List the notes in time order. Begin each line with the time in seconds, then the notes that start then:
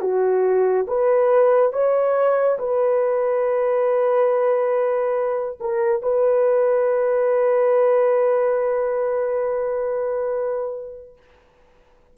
0.00 F#4
0.87 B4
1.72 C#5
2.58 B4
5.60 A#4
6.02 B4